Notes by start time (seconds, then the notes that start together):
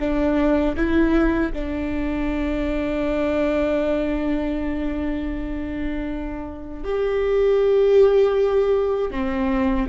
0.00 D4
0.77 E4
1.53 D4
6.84 G4
9.11 C4